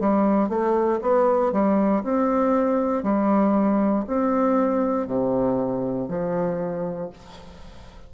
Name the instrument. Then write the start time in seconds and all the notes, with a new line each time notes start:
bassoon
0.00 G3
0.49 A3
1.02 B3
1.53 G3
2.03 C4
3.03 G3
4.07 C4
5.07 C3
6.08 F3